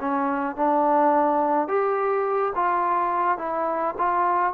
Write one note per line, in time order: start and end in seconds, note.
0.00 0.56 C#4
0.56 1.68 D4
1.68 2.53 G4
2.55 3.38 F4
3.38 3.95 E4
3.98 4.54 F4